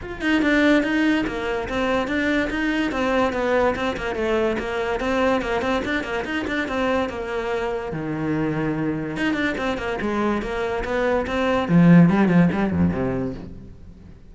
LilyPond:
\new Staff \with { instrumentName = "cello" } { \time 4/4 \tempo 4 = 144 f'8 dis'8 d'4 dis'4 ais4 | c'4 d'4 dis'4 c'4 | b4 c'8 ais8 a4 ais4 | c'4 ais8 c'8 d'8 ais8 dis'8 d'8 |
c'4 ais2 dis4~ | dis2 dis'8 d'8 c'8 ais8 | gis4 ais4 b4 c'4 | f4 g8 f8 g8 f,8 c4 | }